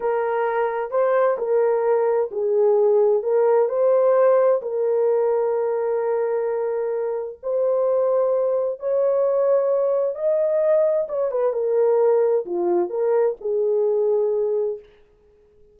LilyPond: \new Staff \with { instrumentName = "horn" } { \time 4/4 \tempo 4 = 130 ais'2 c''4 ais'4~ | ais'4 gis'2 ais'4 | c''2 ais'2~ | ais'1 |
c''2. cis''4~ | cis''2 dis''2 | cis''8 b'8 ais'2 f'4 | ais'4 gis'2. | }